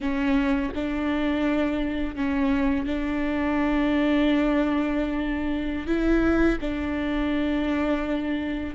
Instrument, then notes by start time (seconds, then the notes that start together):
viola
0.00 C#4
0.75 D4
2.15 C#4
2.86 D4
5.86 E4
6.60 D4